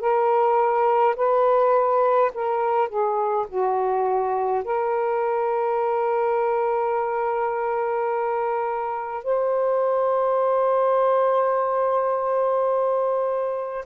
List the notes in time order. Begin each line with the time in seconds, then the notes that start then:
0.00 A#4
1.16 B4
2.34 A#4
2.88 G#4
3.48 F#4
4.64 A#4
9.24 C5